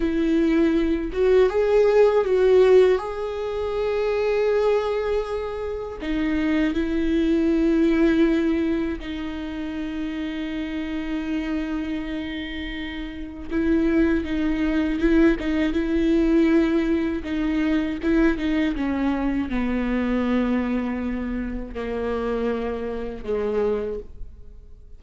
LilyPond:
\new Staff \with { instrumentName = "viola" } { \time 4/4 \tempo 4 = 80 e'4. fis'8 gis'4 fis'4 | gis'1 | dis'4 e'2. | dis'1~ |
dis'2 e'4 dis'4 | e'8 dis'8 e'2 dis'4 | e'8 dis'8 cis'4 b2~ | b4 ais2 gis4 | }